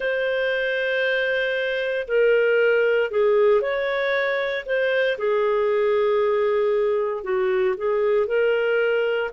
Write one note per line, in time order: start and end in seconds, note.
0.00 2.07 C5
2.07 3.10 A#4
3.10 3.61 G#4
3.61 4.65 C#5
4.66 5.17 C5
5.17 7.23 G#4
7.23 7.75 F#4
7.77 8.27 G#4
8.27 9.30 A#4